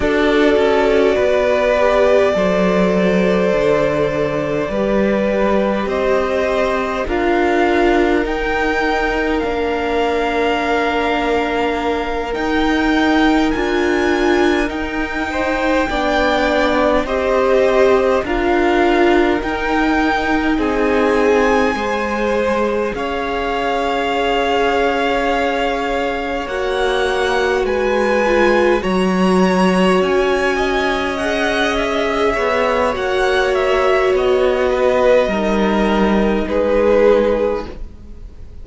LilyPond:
<<
  \new Staff \with { instrumentName = "violin" } { \time 4/4 \tempo 4 = 51 d''1~ | d''4 dis''4 f''4 g''4 | f''2~ f''8 g''4 gis''8~ | gis''8 g''2 dis''4 f''8~ |
f''8 g''4 gis''2 f''8~ | f''2~ f''8 fis''4 gis''8~ | gis''8 ais''4 gis''4 fis''8 e''4 | fis''8 e''8 dis''2 b'4 | }
  \new Staff \with { instrumentName = "violin" } { \time 4/4 a'4 b'4 c''2 | b'4 c''4 ais'2~ | ais'1~ | ais'4 c''8 d''4 c''4 ais'8~ |
ais'4. gis'4 c''4 cis''8~ | cis''2.~ cis''8 b'8~ | b'8 cis''4. dis''4. cis''8~ | cis''4. b'8 ais'4 gis'4 | }
  \new Staff \with { instrumentName = "viola" } { \time 4/4 fis'4. g'8 a'2 | g'2 f'4 dis'4 | d'2~ d'8 dis'4 f'8~ | f'8 dis'4 d'4 g'4 f'8~ |
f'8 dis'2 gis'4.~ | gis'2~ gis'8 fis'4. | f'8 fis'2 gis'4. | fis'2 dis'2 | }
  \new Staff \with { instrumentName = "cello" } { \time 4/4 d'8 cis'8 b4 fis4 d4 | g4 c'4 d'4 dis'4 | ais2~ ais8 dis'4 d'8~ | d'8 dis'4 b4 c'4 d'8~ |
d'8 dis'4 c'4 gis4 cis'8~ | cis'2~ cis'8 ais4 gis8~ | gis8 fis4 cis'2 b8 | ais4 b4 g4 gis4 | }
>>